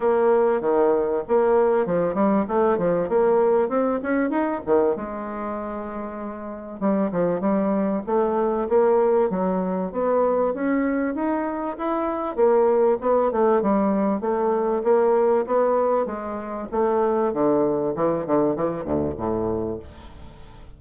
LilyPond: \new Staff \with { instrumentName = "bassoon" } { \time 4/4 \tempo 4 = 97 ais4 dis4 ais4 f8 g8 | a8 f8 ais4 c'8 cis'8 dis'8 dis8 | gis2. g8 f8 | g4 a4 ais4 fis4 |
b4 cis'4 dis'4 e'4 | ais4 b8 a8 g4 a4 | ais4 b4 gis4 a4 | d4 e8 d8 e8 d,8 a,4 | }